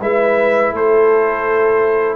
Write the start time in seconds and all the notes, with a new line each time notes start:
0.00 G#3 E4 B4 E5
0.72 A3 A4 C5